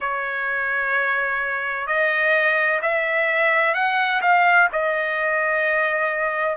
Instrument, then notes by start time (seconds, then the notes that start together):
trumpet
0.00 C#5
1.86 D#5
2.82 E5
3.74 F#5
4.21 F5
4.72 D#5